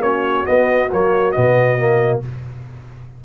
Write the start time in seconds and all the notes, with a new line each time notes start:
0.00 A#3 C#4 F#4 C#5
0.46 B3 D#5
0.92 F#3 A#3 C#5
1.32 B2 B3 D#5
1.78 A#3